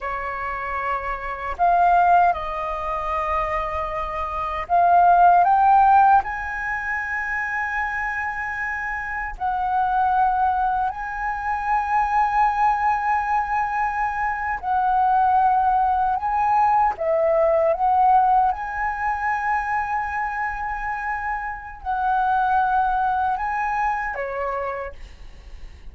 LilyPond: \new Staff \with { instrumentName = "flute" } { \time 4/4 \tempo 4 = 77 cis''2 f''4 dis''4~ | dis''2 f''4 g''4 | gis''1 | fis''2 gis''2~ |
gis''2~ gis''8. fis''4~ fis''16~ | fis''8. gis''4 e''4 fis''4 gis''16~ | gis''1 | fis''2 gis''4 cis''4 | }